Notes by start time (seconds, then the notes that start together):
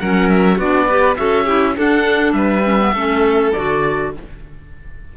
0.00 F#3 C#4 A#4 F#5
0.30 E5
0.57 B3 D4 F#4 D5
0.88 G4 B4
1.17 C#4 F#4 A4 E5
1.45 E4 G4
1.75 D4 A4 F#5
2.33 G3 B4 E5
2.64 C#4
2.80 B3
2.94 A3 C#4 A4
3.53 D3 F#4 D5